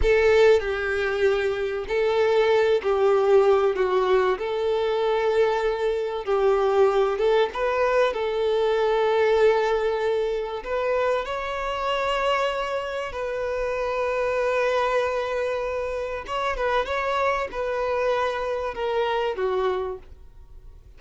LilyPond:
\new Staff \with { instrumentName = "violin" } { \time 4/4 \tempo 4 = 96 a'4 g'2 a'4~ | a'8 g'4. fis'4 a'4~ | a'2 g'4. a'8 | b'4 a'2.~ |
a'4 b'4 cis''2~ | cis''4 b'2.~ | b'2 cis''8 b'8 cis''4 | b'2 ais'4 fis'4 | }